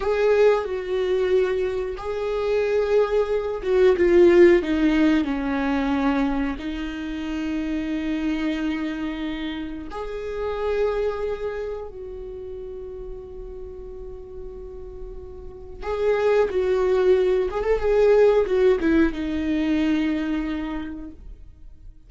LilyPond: \new Staff \with { instrumentName = "viola" } { \time 4/4 \tempo 4 = 91 gis'4 fis'2 gis'4~ | gis'4. fis'8 f'4 dis'4 | cis'2 dis'2~ | dis'2. gis'4~ |
gis'2 fis'2~ | fis'1 | gis'4 fis'4. gis'16 a'16 gis'4 | fis'8 e'8 dis'2. | }